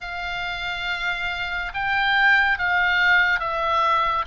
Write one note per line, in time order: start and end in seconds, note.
0.00 1.72 F5
1.74 2.58 G5
2.58 3.39 F5
3.39 4.25 E5